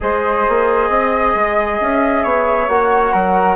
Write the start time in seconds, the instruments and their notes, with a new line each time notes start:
0.00 bassoon G#3, trombone G#4, flute C5 D#5
0.48 bassoon A#3
0.89 bassoon C4, flute D#5
1.35 bassoon G#3
1.80 bassoon C#4, flute E5
2.23 bassoon B3, flute C#5
2.68 bassoon A#3, trombone F#4, flute F#5
3.12 bassoon F#3, flute A#4